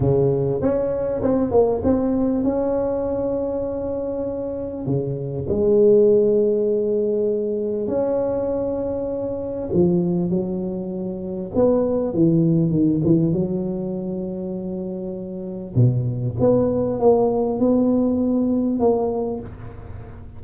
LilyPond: \new Staff \with { instrumentName = "tuba" } { \time 4/4 \tempo 4 = 99 cis4 cis'4 c'8 ais8 c'4 | cis'1 | cis4 gis2.~ | gis4 cis'2. |
f4 fis2 b4 | e4 dis8 e8 fis2~ | fis2 b,4 b4 | ais4 b2 ais4 | }